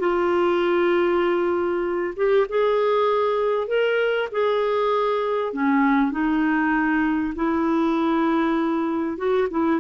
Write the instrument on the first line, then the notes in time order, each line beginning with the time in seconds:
clarinet
0.00 F4
2.16 G4
2.49 G#4
3.68 A#4
4.32 G#4
5.53 C#4
6.11 D#4
7.36 E4
9.18 F#4
9.51 E4